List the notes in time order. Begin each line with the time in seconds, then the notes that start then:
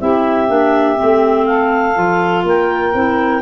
0.00 C4 E4 G4 E5
0.48 A#3 D4
0.96 C4
1.02 A3
1.46 A4 F5
1.95 F3 F4
2.44 A#3 A#4 G5
2.94 C4 E4